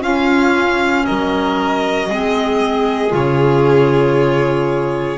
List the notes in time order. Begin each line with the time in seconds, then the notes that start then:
0.00 C#4 F4 F5
1.05 F#3 A#4 D#5
2.08 G#3 C4 G#4
3.09 C#3 F4 C#5